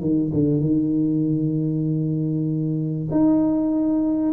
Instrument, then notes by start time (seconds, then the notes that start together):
tuba
0.00 D#3
0.33 D3
0.60 D#3
3.11 D#4